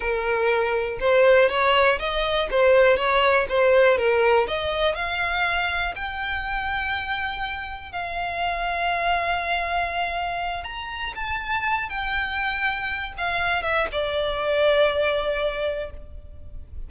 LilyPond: \new Staff \with { instrumentName = "violin" } { \time 4/4 \tempo 4 = 121 ais'2 c''4 cis''4 | dis''4 c''4 cis''4 c''4 | ais'4 dis''4 f''2 | g''1 |
f''1~ | f''4. ais''4 a''4. | g''2~ g''8 f''4 e''8 | d''1 | }